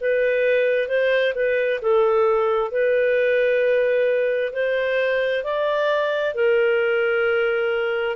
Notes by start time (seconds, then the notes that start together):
0.00 B4
0.88 C5
1.34 B4
1.81 A4
2.71 B4
4.52 C5
5.43 D5
6.34 A#4